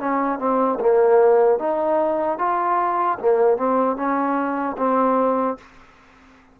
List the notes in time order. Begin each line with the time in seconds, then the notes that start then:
0.00 C#4
0.39 C4
0.80 A#3
1.59 D#4
2.39 F4
3.19 A#3
3.57 C4
3.96 C#4
4.78 C4